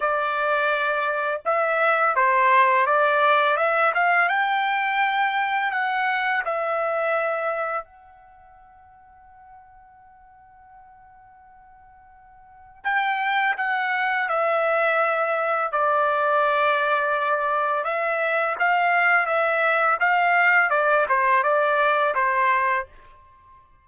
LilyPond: \new Staff \with { instrumentName = "trumpet" } { \time 4/4 \tempo 4 = 84 d''2 e''4 c''4 | d''4 e''8 f''8 g''2 | fis''4 e''2 fis''4~ | fis''1~ |
fis''2 g''4 fis''4 | e''2 d''2~ | d''4 e''4 f''4 e''4 | f''4 d''8 c''8 d''4 c''4 | }